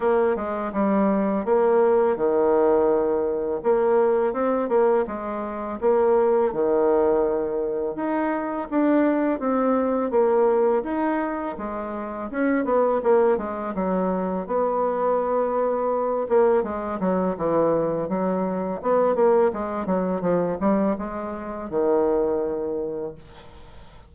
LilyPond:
\new Staff \with { instrumentName = "bassoon" } { \time 4/4 \tempo 4 = 83 ais8 gis8 g4 ais4 dis4~ | dis4 ais4 c'8 ais8 gis4 | ais4 dis2 dis'4 | d'4 c'4 ais4 dis'4 |
gis4 cis'8 b8 ais8 gis8 fis4 | b2~ b8 ais8 gis8 fis8 | e4 fis4 b8 ais8 gis8 fis8 | f8 g8 gis4 dis2 | }